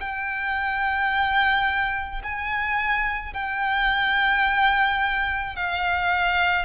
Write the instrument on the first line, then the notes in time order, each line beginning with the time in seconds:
violin
0.00 G5
2.23 G#5
3.34 G5
5.56 F5